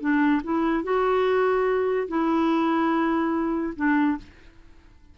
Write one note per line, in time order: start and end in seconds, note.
0.00 0.41 D4
0.43 0.83 E4
0.83 2.07 F#4
2.08 3.73 E4
3.76 4.17 D4